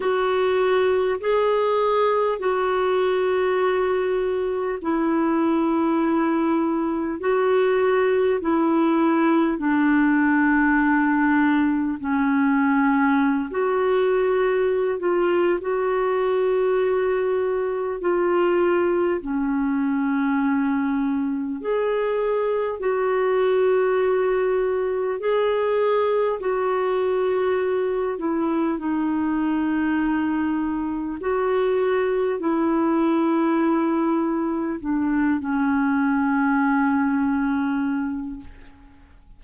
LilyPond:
\new Staff \with { instrumentName = "clarinet" } { \time 4/4 \tempo 4 = 50 fis'4 gis'4 fis'2 | e'2 fis'4 e'4 | d'2 cis'4~ cis'16 fis'8.~ | fis'8 f'8 fis'2 f'4 |
cis'2 gis'4 fis'4~ | fis'4 gis'4 fis'4. e'8 | dis'2 fis'4 e'4~ | e'4 d'8 cis'2~ cis'8 | }